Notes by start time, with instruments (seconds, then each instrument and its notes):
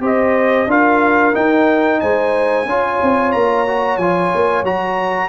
0.00 tuba C4, trombone G4, horn C5, trumpet D#5
0.67 tuba D4, trombone F4, horn A#4, trumpet F5
1.33 trombone D#4, tuba D#4, trumpet G5
2.00 tuba G#3, horn C5, trumpet G#5
2.65 tuba C#4, trombone F4, horn C#5
3.02 tuba C4
3.32 tuba A#3, trumpet A#5
3.67 trombone F#4
3.97 tuba F3, trombone F4, trumpet G#5
4.35 tuba A#3
4.62 tuba F#3, trombone F#4, trumpet A#5